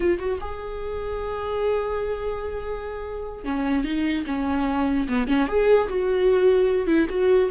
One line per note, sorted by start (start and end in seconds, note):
0.00 0.18 F4
0.19 0.39 F#4
0.40 3.44 G#4
3.44 3.84 C#4
3.84 4.25 D#4
4.26 5.07 C#4
5.08 5.27 B3
5.27 5.47 C#4
5.47 5.88 G#4
5.88 6.86 F#4
6.86 7.07 E4
7.09 7.49 F#4